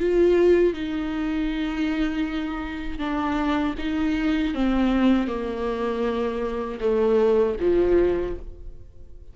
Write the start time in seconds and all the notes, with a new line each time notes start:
0.00 F4
0.74 D#4
2.99 D4
3.79 D#4
4.55 C4
5.28 A#3
6.80 A3
7.61 F3